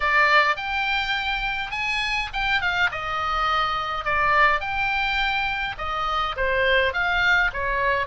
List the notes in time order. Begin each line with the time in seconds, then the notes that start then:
0.00 D5
0.56 G5
1.71 G#5
2.33 G5
2.61 F5
2.91 D#5
4.04 D5
4.60 G5
5.77 D#5
6.36 C5
6.93 F5
7.53 C#5